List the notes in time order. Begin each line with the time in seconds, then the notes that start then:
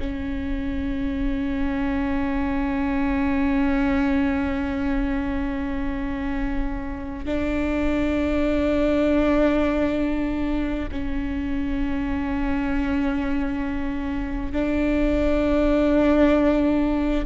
0.00 C#4
7.26 D4
10.92 C#4
14.53 D4